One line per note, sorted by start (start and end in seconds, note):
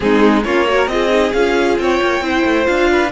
0.00 0.44 G#3
0.00 0.43 C4
0.00 0.44 D#4
0.00 0.42 G#4
0.44 0.87 A#3
0.44 0.66 C#4
0.44 0.67 F4
0.44 0.87 C#5
0.66 0.88 F#4
0.66 0.91 A#4
0.87 1.31 C4
0.87 1.09 F4
0.87 1.81 G#4
0.87 1.32 D#5
1.09 1.31 D#4
1.33 1.77 C#4
1.33 2.22 F4
1.33 1.77 F5
1.78 2.00 C4
1.78 2.23 C#5
1.78 2.66 G5
2.01 2.20 A#3
2.20 2.42 C4
2.20 2.64 E4
2.20 2.90 C5
2.44 2.66 A3
2.64 3.12 D4
2.64 3.08 F4
2.64 3.10 F5
2.90 3.12 B4